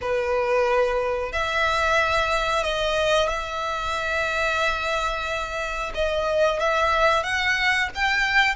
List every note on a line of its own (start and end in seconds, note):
0.01 1.32 B4
1.32 2.63 E5
2.63 3.28 D#5
3.28 5.92 E5
5.94 6.59 D#5
6.59 7.23 E5
7.23 7.89 F#5
7.94 8.55 G5